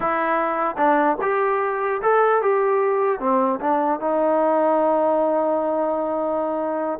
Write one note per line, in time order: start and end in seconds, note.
0.00 0.76 E4
0.77 1.17 D4
1.21 2.01 G4
2.02 2.42 A4
2.42 3.19 G4
3.19 3.59 C4
3.60 4.00 D4
4.00 6.99 D#4